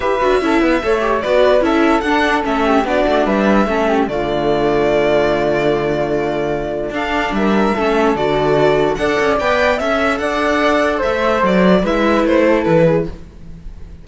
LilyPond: <<
  \new Staff \with { instrumentName = "violin" } { \time 4/4 \tempo 4 = 147 e''2. d''4 | e''4 fis''4 e''4 d''4 | e''2 d''2~ | d''1~ |
d''4 f''4 e''2 | d''2 fis''4 g''4 | e''4 fis''2 e''4 | d''4 e''4 c''4 b'4 | }
  \new Staff \with { instrumentName = "flute" } { \time 4/4 b'4 a'8 b'8 cis''4 b'4 | a'2~ a'8 g'8 fis'4 | b'4 a'8 g'8 f'2~ | f'1~ |
f'4 a'4 ais'4 a'4~ | a'2 d''2 | e''4 d''2 c''4~ | c''4 b'4. a'4 gis'8 | }
  \new Staff \with { instrumentName = "viola" } { \time 4/4 g'8 fis'8 e'4 a'8 g'8 fis'4 | e'4 d'4 cis'4 d'4~ | d'4 cis'4 a2~ | a1~ |
a4 d'2 cis'4 | fis'2 a'4 b'4 | a'1~ | a'4 e'2. | }
  \new Staff \with { instrumentName = "cello" } { \time 4/4 e'8 d'8 cis'8 b8 a4 b4 | cis'4 d'4 a4 b8 a8 | g4 a4 d2~ | d1~ |
d4 d'4 g4 a4 | d2 d'8 cis'8 b4 | cis'4 d'2 a4 | fis4 gis4 a4 e4 | }
>>